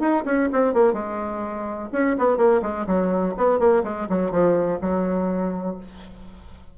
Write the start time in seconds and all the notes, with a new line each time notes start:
0.00 D#4
0.26 C#4
0.53 C4
0.74 A#3
0.93 G#3
1.93 C#4
2.19 B3
2.38 A#3
2.62 G#3
2.87 F#3
3.38 B3
3.60 A#3
3.84 G#3
4.10 F#3
4.32 F3
4.82 F#3